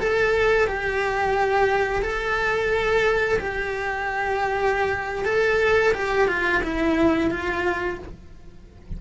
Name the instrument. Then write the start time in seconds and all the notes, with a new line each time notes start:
cello
0.00 A4
0.68 G4
2.03 A4
3.39 G4
5.25 A4
5.94 G4
6.28 F4
6.64 E4
7.31 F4